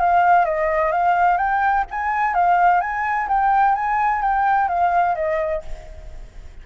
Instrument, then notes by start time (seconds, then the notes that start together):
flute
0.00 F5
0.46 D#5
0.92 F5
1.38 G5
1.91 G#5
2.35 F5
2.81 G#5
3.29 G5
3.75 G#5
4.22 G5
4.69 F5
5.15 D#5